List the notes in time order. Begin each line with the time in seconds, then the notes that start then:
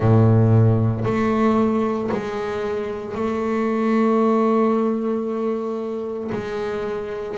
0.00 A2
1.04 A3
2.11 G#3
3.14 A3
6.32 G#3